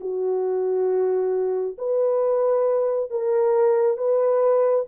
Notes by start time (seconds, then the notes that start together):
0.00 F#4
1.78 B4
3.10 A#4
3.97 B4